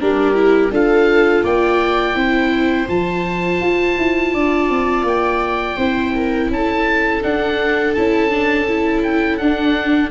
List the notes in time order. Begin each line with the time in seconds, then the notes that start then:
0.00 G3 D4 G4 A#4
0.34 E4
0.71 D4 F4 A4 F5
1.44 A#3 D5 G5
2.14 C4 E4 C5
2.88 F3 F4 A5
3.61 F4
3.98 E4
4.33 D4 D5
4.70 C4
5.03 A#3 G5
5.77 C4 E4 C5
6.15 A#4
6.50 C#4 A4 A5
7.22 D4 F#5
7.94 C#4 E4 A5
8.30 D4
8.68 E4
9.03 G5
9.37 D4 F#5